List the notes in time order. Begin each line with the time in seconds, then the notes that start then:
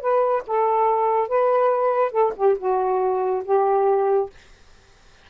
0.00 B4
0.47 A4
1.28 B4
2.11 A4
2.36 G4
2.58 F#4
3.44 G4